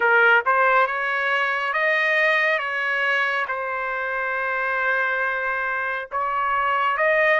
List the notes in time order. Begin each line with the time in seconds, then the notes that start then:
0.00 A#4
0.45 C5
0.87 C#5
1.73 D#5
2.58 C#5
3.48 C5
6.11 C#5
6.97 D#5